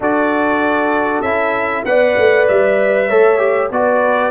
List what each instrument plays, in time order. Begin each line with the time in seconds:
0.00 tuba D4, trombone F#4, horn A4, trumpet D5
1.21 tuba C#4, trombone E4, trumpet E5
1.85 tuba B3, trombone B4, horn D5, trumpet F#5
2.17 tuba A3
2.48 tuba G3, trumpet E5
3.07 tuba A3, trombone A4, horn C#5
3.38 trombone G4
3.70 tuba B3, trombone F#4, horn B4, trumpet D5